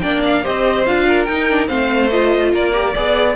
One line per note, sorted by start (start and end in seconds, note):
0.00 0.45 A#3
0.00 0.43 D4
0.00 0.42 D5
0.00 0.21 G5
0.25 0.45 F5
0.42 0.87 C4
0.42 0.85 G4
0.42 1.05 C5
0.42 0.86 D#5
0.86 1.28 D4
0.86 1.27 F4
0.86 1.25 F5
1.07 1.68 A#4
1.25 1.69 D#4
1.25 1.49 D#4
1.25 1.66 G5
1.49 1.67 D4
1.67 2.52 A3
1.67 2.08 C4
1.67 2.51 C5
1.67 2.09 F5
2.10 2.72 F4
2.10 2.52 D#5
2.52 2.94 A#3
2.52 2.93 A#4
2.52 3.36 D5
2.72 2.93 G4
2.93 3.36 B3
2.93 3.36 G#4
2.93 3.35 D5